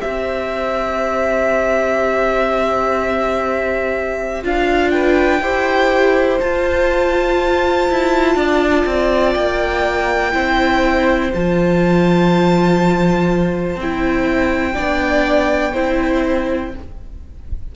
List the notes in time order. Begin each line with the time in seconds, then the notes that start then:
0.00 C4 G4 C5 E5
4.42 D4 F4 F5
4.91 B4 G5
5.41 E4 G4 C5
6.40 F4 A5
7.90 E4
8.35 D4 D5
8.86 C4
9.34 A#3 G5
10.32 C4 E4 C5
11.33 F3 F4 A5
13.76 C4 G5
13.82 E4
14.74 B3 D4 D5
15.73 C4 E4 C5